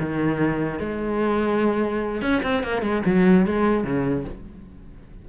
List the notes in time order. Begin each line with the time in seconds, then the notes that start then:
0.00 D#3
0.79 G#3
2.21 C#4
2.43 C4
2.63 A#3
2.82 G#3
3.05 F#3
3.46 G#3
3.84 C#3